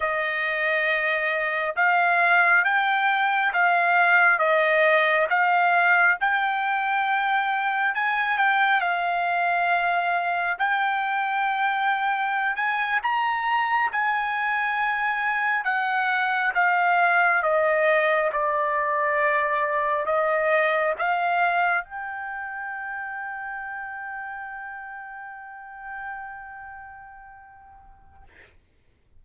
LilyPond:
\new Staff \with { instrumentName = "trumpet" } { \time 4/4 \tempo 4 = 68 dis''2 f''4 g''4 | f''4 dis''4 f''4 g''4~ | g''4 gis''8 g''8 f''2 | g''2~ g''16 gis''8 ais''4 gis''16~ |
gis''4.~ gis''16 fis''4 f''4 dis''16~ | dis''8. d''2 dis''4 f''16~ | f''8. g''2.~ g''16~ | g''1 | }